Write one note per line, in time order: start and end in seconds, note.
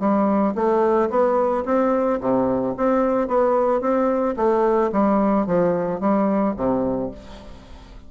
0.00 0.55 G3
0.55 1.10 A3
1.10 1.65 B3
1.66 2.20 C4
2.21 2.75 C3
2.77 3.28 C4
3.28 3.81 B3
3.81 4.36 C4
4.37 4.91 A3
4.92 5.47 G3
5.47 6.00 F3
6.00 6.55 G3
6.57 7.11 C3